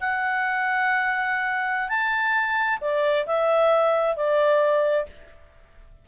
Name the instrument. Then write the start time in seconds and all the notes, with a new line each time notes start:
clarinet
0.00 F#5
1.88 A5
2.81 D5
3.26 E5
4.16 D5